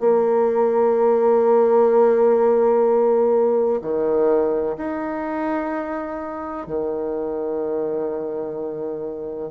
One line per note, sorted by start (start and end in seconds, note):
0.00 3.81 A#3
3.81 4.77 D#3
4.77 6.67 D#4
6.67 9.51 D#3